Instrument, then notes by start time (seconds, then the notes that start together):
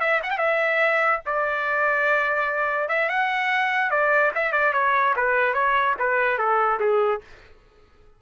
trumpet
0.00 E5
0.23 F#5
0.30 G5
0.38 E5
1.26 D5
2.88 E5
3.09 F#5
3.90 D5
4.35 E5
4.52 D5
4.73 C#5
5.16 B4
5.54 C#5
5.99 B4
6.38 A4
6.80 G#4